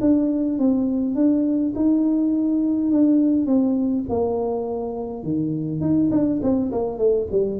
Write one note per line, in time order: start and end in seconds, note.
0.00 0.58 D4
0.58 1.15 C4
1.15 1.73 D4
1.75 2.90 D#4
2.90 3.46 D4
3.46 4.04 C4
4.09 5.22 A#3
5.22 5.80 D#3
5.80 6.10 D#4
6.11 6.40 D4
6.42 6.71 C4
6.71 6.98 A#3
6.98 7.27 A3
7.31 7.59 G3